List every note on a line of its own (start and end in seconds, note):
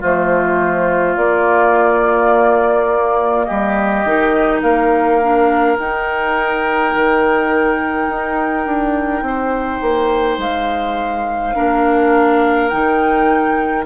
0.00 1.16 F3
0.00 1.18 A3
0.00 3.46 F4
0.00 1.16 C5
1.16 3.47 A#3
1.16 4.06 A#3
1.16 3.44 D5
3.44 4.05 G3
3.44 4.62 G4
3.44 4.59 D#5
4.05 4.62 D#3
4.05 5.21 D#4
4.62 5.77 A#3
4.62 9.24 A#4
4.62 5.77 F5
5.21 5.76 D4
5.76 11.53 D#4
5.76 6.93 D#4
5.76 10.40 G5
6.95 8.08 D#3
8.08 8.65 D#4
8.65 9.21 D4
9.21 9.79 C4
9.21 11.55 C5
9.81 10.37 A#3
10.37 11.53 G#3
10.37 12.68 F5
11.55 12.72 A#3
11.55 12.70 D4
11.55 13.85 A#4
12.68 13.85 D#3
12.68 13.85 D#4
12.68 13.84 G5